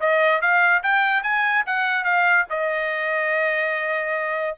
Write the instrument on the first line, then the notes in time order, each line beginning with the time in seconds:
trumpet
0.00 D#5
0.41 F5
0.83 G5
1.23 G#5
1.66 F#5
2.04 F5
2.49 D#5